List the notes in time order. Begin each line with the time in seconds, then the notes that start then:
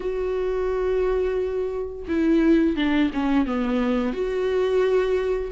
0.00 F#4
2.08 E4
2.76 D4
3.13 C#4
3.45 B3
4.13 F#4